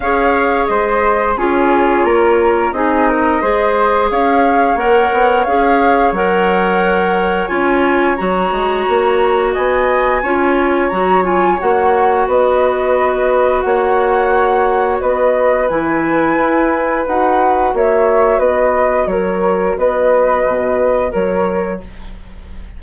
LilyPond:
<<
  \new Staff \with { instrumentName = "flute" } { \time 4/4 \tempo 4 = 88 f''4 dis''4 cis''2 | dis''2 f''4 fis''4 | f''4 fis''2 gis''4 | ais''2 gis''2 |
ais''8 gis''8 fis''4 dis''2 | fis''2 dis''4 gis''4~ | gis''4 fis''4 e''4 dis''4 | cis''4 dis''2 cis''4 | }
  \new Staff \with { instrumentName = "flute" } { \time 4/4 cis''4 c''4 gis'4 ais'4 | gis'8 ais'8 c''4 cis''2~ | cis''1~ | cis''2 dis''4 cis''4~ |
cis''2 b'2 | cis''2 b'2~ | b'2 cis''4 b'4 | ais'4 b'2 ais'4 | }
  \new Staff \with { instrumentName = "clarinet" } { \time 4/4 gis'2 f'2 | dis'4 gis'2 ais'4 | gis'4 ais'2 f'4 | fis'2. f'4 |
fis'8 f'8 fis'2.~ | fis'2. e'4~ | e'4 fis'2.~ | fis'1 | }
  \new Staff \with { instrumentName = "bassoon" } { \time 4/4 cis'4 gis4 cis'4 ais4 | c'4 gis4 cis'4 ais8 b8 | cis'4 fis2 cis'4 | fis8 gis8 ais4 b4 cis'4 |
fis4 ais4 b2 | ais2 b4 e4 | e'4 dis'4 ais4 b4 | fis4 b4 b,4 fis4 | }
>>